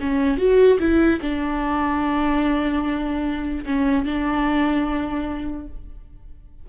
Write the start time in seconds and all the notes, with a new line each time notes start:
0.00 C#4
0.38 F#4
0.79 E4
1.22 D4
3.65 C#4
4.05 D4